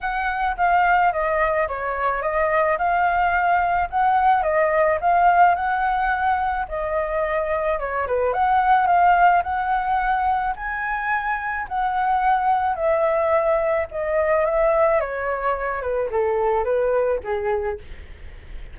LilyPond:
\new Staff \with { instrumentName = "flute" } { \time 4/4 \tempo 4 = 108 fis''4 f''4 dis''4 cis''4 | dis''4 f''2 fis''4 | dis''4 f''4 fis''2 | dis''2 cis''8 b'8 fis''4 |
f''4 fis''2 gis''4~ | gis''4 fis''2 e''4~ | e''4 dis''4 e''4 cis''4~ | cis''8 b'8 a'4 b'4 gis'4 | }